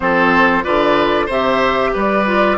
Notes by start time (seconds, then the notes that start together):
0.00 F3 C4 A4 C5
0.63 D3 F4 B4 D5
1.26 C3 G4 C5 E5
1.93 G3 B4 D5
2.26 F4